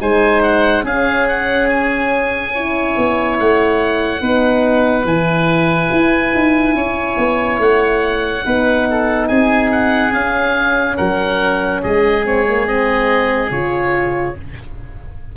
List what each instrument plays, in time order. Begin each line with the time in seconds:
0.00 tuba G#3, horn D#4, oboe C5 G#5
0.42 oboe F#5
0.83 tuba C#4, horn C#4, oboe G#4 F5
1.28 oboe F#5
1.68 oboe G#5
2.53 horn E4, oboe C#5
2.97 tuba B3
3.39 tuba A3, oboe F#5
4.21 tuba B3, horn D#4, oboe B4
5.04 tuba E3, horn E4, oboe G#5
5.91 tuba E4
6.34 tuba D#4
6.74 tuba C#4, oboe C#5
7.17 tuba B3
7.59 tuba A3, oboe F#5
8.43 tuba B3, horn D#4, oboe B4
8.90 oboe A4
9.27 tuba C4, oboe G#4 G#5
9.71 oboe F#5
10.12 tuba C#4, horn C#4, oboe F5
10.96 tuba F#3, oboe A#4 F#5
11.82 tuba G#3, oboe G#4 D#5
12.24 horn C4, oboe C#5
12.48 horn A#3
12.65 horn C4, oboe D#5
13.50 tuba C#3, horn F4, oboe C#5